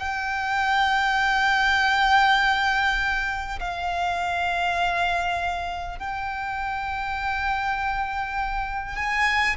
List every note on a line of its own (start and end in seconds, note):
0.00 3.60 G5
3.60 5.99 F5
5.99 8.96 G5
8.96 9.56 G#5